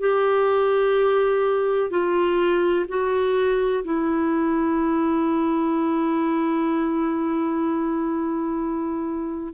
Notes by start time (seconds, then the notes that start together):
0.00 G4
1.90 F4
2.88 F#4
3.84 E4